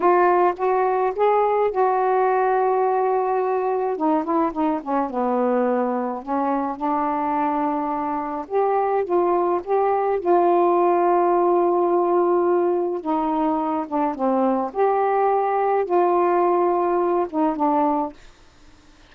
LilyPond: \new Staff \with { instrumentName = "saxophone" } { \time 4/4 \tempo 4 = 106 f'4 fis'4 gis'4 fis'4~ | fis'2. dis'8 e'8 | dis'8 cis'8 b2 cis'4 | d'2. g'4 |
f'4 g'4 f'2~ | f'2. dis'4~ | dis'8 d'8 c'4 g'2 | f'2~ f'8 dis'8 d'4 | }